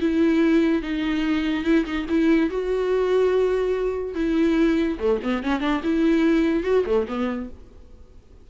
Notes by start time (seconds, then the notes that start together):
0.00 E4
0.82 D#4
1.64 E4
1.85 D#4
2.09 E4
2.50 F#4
4.15 E4
4.99 A3
5.23 B3
5.43 C#4
5.60 D4
5.84 E4
6.63 F#4
6.86 A3
7.08 B3